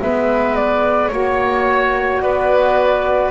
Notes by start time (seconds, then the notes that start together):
0.00 G#3 B3 B4 E5
0.56 D5
1.08 A#3 F#4 C#5
2.20 B3 B4 D5